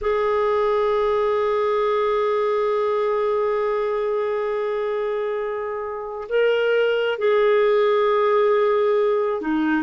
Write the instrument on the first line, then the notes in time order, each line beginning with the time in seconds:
clarinet
0.01 G#4
6.28 A#4
7.18 G#4
9.41 D#4